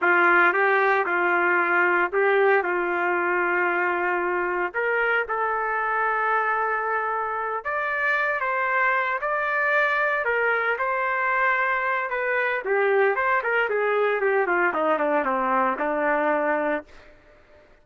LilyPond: \new Staff \with { instrumentName = "trumpet" } { \time 4/4 \tempo 4 = 114 f'4 g'4 f'2 | g'4 f'2.~ | f'4 ais'4 a'2~ | a'2~ a'8 d''4. |
c''4. d''2 ais'8~ | ais'8 c''2~ c''8 b'4 | g'4 c''8 ais'8 gis'4 g'8 f'8 | dis'8 d'8 c'4 d'2 | }